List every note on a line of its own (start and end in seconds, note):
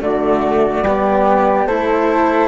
0.00 0.82 D3
0.00 0.84 A3
0.00 0.84 F#4
0.00 1.66 D5
0.82 1.65 G3
0.82 1.69 B3
0.82 1.67 G4
1.66 2.48 A3
1.66 2.48 E4
1.66 2.48 A4
1.66 2.48 C5